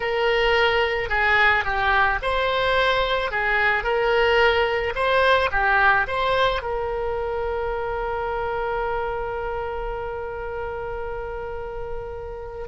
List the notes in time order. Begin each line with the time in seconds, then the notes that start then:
0.00 A#4
1.09 G#4
1.64 G4
2.21 C5
3.31 G#4
3.83 A#4
4.95 C5
5.51 G4
6.07 C5
6.62 A#4